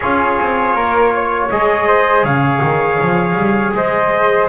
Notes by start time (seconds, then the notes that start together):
0.00 C#4 F4 G#4 C#5
0.40 C4
0.74 A#3 A#4
1.15 C#5
1.50 G#3 G#4 D#5
1.87 C5
2.23 C#3 C#5 F5
2.62 D#3
3.00 F3
3.35 G3
3.73 G#3 C5 D#5